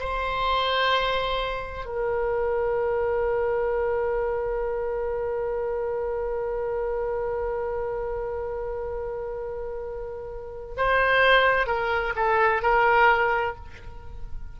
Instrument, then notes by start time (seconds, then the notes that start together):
oboe
0.00 C5
1.85 A#4
10.77 C5
11.66 A#4
12.16 A4
12.62 A#4